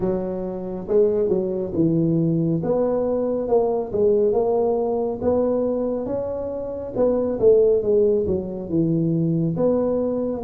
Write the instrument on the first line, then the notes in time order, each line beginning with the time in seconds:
tuba
0.00 F#3
0.88 G#3
1.28 F#3
1.74 E3
2.63 B3
3.48 A#3
3.92 G#3
4.32 A#3
5.21 B3
6.06 C#4
6.96 B3
7.39 A3
7.82 G#3
8.26 F#3
8.69 E3
9.56 B3